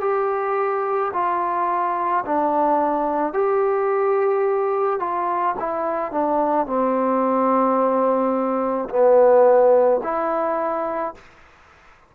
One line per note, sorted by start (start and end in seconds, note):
0.00 1.11 G4
1.13 2.24 F4
2.25 3.33 D4
3.33 4.99 G4
4.99 5.55 F4
5.59 6.11 E4
6.11 6.66 D4
6.66 8.88 C4
8.89 10.01 B3
10.03 11.14 E4